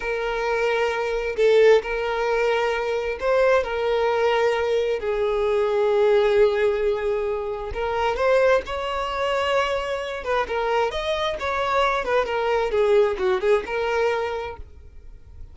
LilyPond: \new Staff \with { instrumentName = "violin" } { \time 4/4 \tempo 4 = 132 ais'2. a'4 | ais'2. c''4 | ais'2. gis'4~ | gis'1~ |
gis'4 ais'4 c''4 cis''4~ | cis''2~ cis''8 b'8 ais'4 | dis''4 cis''4. b'8 ais'4 | gis'4 fis'8 gis'8 ais'2 | }